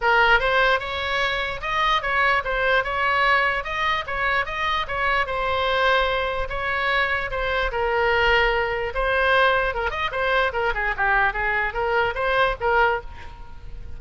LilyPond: \new Staff \with { instrumentName = "oboe" } { \time 4/4 \tempo 4 = 148 ais'4 c''4 cis''2 | dis''4 cis''4 c''4 cis''4~ | cis''4 dis''4 cis''4 dis''4 | cis''4 c''2. |
cis''2 c''4 ais'4~ | ais'2 c''2 | ais'8 dis''8 c''4 ais'8 gis'8 g'4 | gis'4 ais'4 c''4 ais'4 | }